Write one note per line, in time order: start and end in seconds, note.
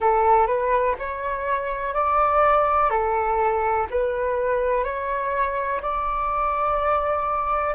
0.00 0.46 A4
0.46 0.95 B4
0.99 1.94 C#5
1.94 2.90 D5
2.90 3.87 A4
3.90 4.83 B4
4.83 5.80 C#5
5.81 7.75 D5